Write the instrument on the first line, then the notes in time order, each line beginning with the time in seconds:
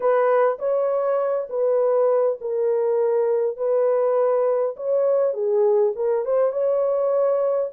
horn
0.00 B4
0.58 C#5
1.49 B4
2.41 A#4
3.56 B4
4.76 C#5
5.33 G#4
5.95 A#4
6.25 C5
6.52 C#5